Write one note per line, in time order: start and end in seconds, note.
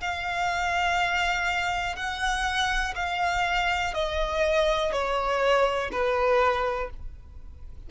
0.00 1.95 F5
1.95 2.94 F#5
2.95 3.93 F5
3.93 4.92 D#5
4.92 5.90 C#5
5.91 6.89 B4